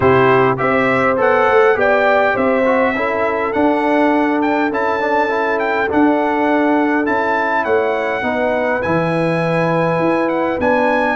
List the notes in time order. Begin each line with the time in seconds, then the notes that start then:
0.00 C3 E4 G4 C5
0.57 C4 G4 C5 E5
1.17 B3 A4 F#5
1.48 A3
1.75 B3 G4 D5 G5
2.34 C4 C5 E5
2.65 F#4
2.95 C#4 E4 A4
3.52 D4 F#5
4.41 G5
4.71 C#4 E4 A5
5.00 D4
5.29 E4
5.59 G5
5.89 D4 F#5
7.05 C#4 E4 A5
7.63 A3 C#5 F#5
8.22 B3 D#4 B4
8.82 E3 E4 G#5
9.98 E4
10.28 F#5
10.59 B3 D4 G#5